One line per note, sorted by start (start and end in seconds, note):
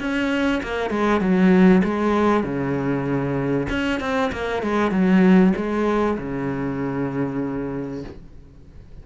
0.00 0.62 C#4
0.63 0.91 A#3
0.91 1.21 G#3
1.21 1.82 F#3
1.84 2.44 G#3
2.44 3.67 C#3
3.69 4.00 C#4
4.01 4.32 C4
4.32 4.63 A#3
4.63 4.91 G#3
4.91 5.53 F#3
5.56 6.18 G#3
6.19 8.04 C#3